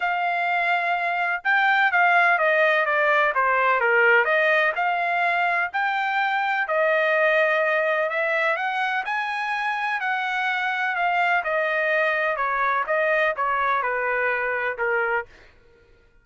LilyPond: \new Staff \with { instrumentName = "trumpet" } { \time 4/4 \tempo 4 = 126 f''2. g''4 | f''4 dis''4 d''4 c''4 | ais'4 dis''4 f''2 | g''2 dis''2~ |
dis''4 e''4 fis''4 gis''4~ | gis''4 fis''2 f''4 | dis''2 cis''4 dis''4 | cis''4 b'2 ais'4 | }